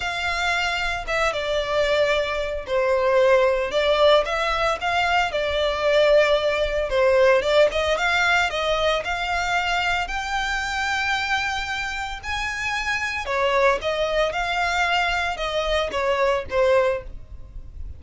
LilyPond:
\new Staff \with { instrumentName = "violin" } { \time 4/4 \tempo 4 = 113 f''2 e''8 d''4.~ | d''4 c''2 d''4 | e''4 f''4 d''2~ | d''4 c''4 d''8 dis''8 f''4 |
dis''4 f''2 g''4~ | g''2. gis''4~ | gis''4 cis''4 dis''4 f''4~ | f''4 dis''4 cis''4 c''4 | }